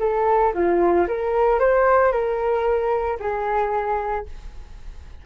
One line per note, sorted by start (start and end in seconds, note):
0.00 0.53 A4
0.54 1.07 F4
1.08 1.60 A#4
1.60 2.12 C5
2.12 3.19 A#4
3.20 4.26 G#4